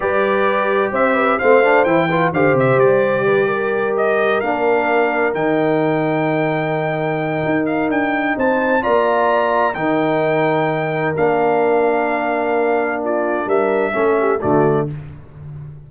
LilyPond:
<<
  \new Staff \with { instrumentName = "trumpet" } { \time 4/4 \tempo 4 = 129 d''2 e''4 f''4 | g''4 f''8 e''8 d''2~ | d''8 dis''4 f''2 g''8~ | g''1~ |
g''8 f''8 g''4 a''4 ais''4~ | ais''4 g''2. | f''1 | d''4 e''2 d''4 | }
  \new Staff \with { instrumentName = "horn" } { \time 4/4 b'2 c''8 b'8 c''4~ | c''8 b'8 c''2 b'8 ais'8~ | ais'1~ | ais'1~ |
ais'2 c''4 d''4~ | d''4 ais'2.~ | ais'1 | f'4 ais'4 a'8 g'8 fis'4 | }
  \new Staff \with { instrumentName = "trombone" } { \time 4/4 g'2. c'8 d'8 | e'8 f'8 g'2.~ | g'4. d'2 dis'8~ | dis'1~ |
dis'2. f'4~ | f'4 dis'2. | d'1~ | d'2 cis'4 a4 | }
  \new Staff \with { instrumentName = "tuba" } { \time 4/4 g2 c'4 a4 | e4 d8 c8 g2~ | g4. ais2 dis8~ | dis1 |
dis'4 d'4 c'4 ais4~ | ais4 dis2. | ais1~ | ais4 g4 a4 d4 | }
>>